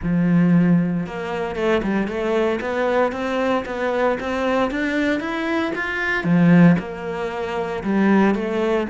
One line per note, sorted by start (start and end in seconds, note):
0.02 1.06 F3
1.06 1.55 A#3
1.55 1.81 A3
1.82 2.07 G3
2.07 2.59 A3
2.60 3.12 B3
3.12 3.64 C4
3.65 4.17 B3
4.20 4.70 C4
4.70 5.20 D4
5.20 5.72 E4
5.75 6.23 F4
6.23 6.76 F3
6.78 7.83 A#3
7.83 8.35 G3
8.35 8.87 A3